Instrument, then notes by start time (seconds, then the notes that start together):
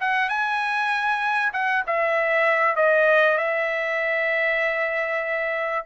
trumpet
0.00 F#5
0.29 G#5
1.53 F#5
1.86 E5
2.76 D#5
3.38 E5